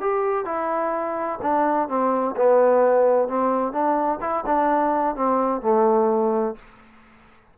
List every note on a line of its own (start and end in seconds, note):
0.00 0.45 G4
0.45 1.39 E4
1.42 1.88 D4
1.88 2.35 C4
2.36 3.28 B3
3.28 3.72 C4
3.72 4.19 D4
4.21 4.44 E4
4.46 5.16 D4
5.16 5.61 C4
5.61 6.55 A3